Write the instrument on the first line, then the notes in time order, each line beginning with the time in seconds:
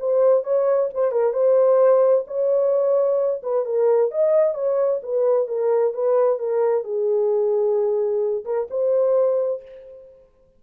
horn
0.00 C5
0.44 C#5
0.94 C5
1.12 A#4
1.33 C5
2.28 C#5
3.43 B4
3.66 A#4
4.11 D#5
4.55 C#5
5.03 B4
5.48 A#4
5.94 B4
6.39 A#4
6.85 G#4
8.45 A#4
8.71 C5